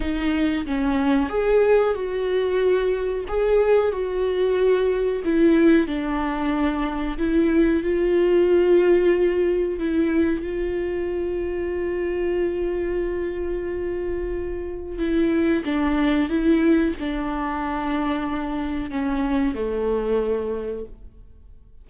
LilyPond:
\new Staff \with { instrumentName = "viola" } { \time 4/4 \tempo 4 = 92 dis'4 cis'4 gis'4 fis'4~ | fis'4 gis'4 fis'2 | e'4 d'2 e'4 | f'2. e'4 |
f'1~ | f'2. e'4 | d'4 e'4 d'2~ | d'4 cis'4 a2 | }